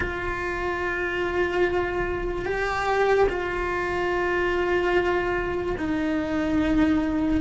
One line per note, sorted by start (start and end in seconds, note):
0.00 2.45 F4
2.45 3.27 G4
3.29 5.75 F4
5.77 7.40 D#4